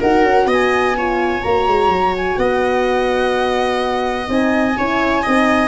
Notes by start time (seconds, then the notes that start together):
0.00 D#4 F#4 A#4 F#5
0.23 C#4
0.46 B3 D#5
0.53 G#5
0.97 F4 C#5
1.43 A#3 F#4 A#5
1.67 G#3
1.88 F#3
2.17 G#5
2.38 B3 D#5 F#5
4.28 C4 D#4 G#5
4.78 C#4 E4 C#5
5.23 C4 D#4 D#5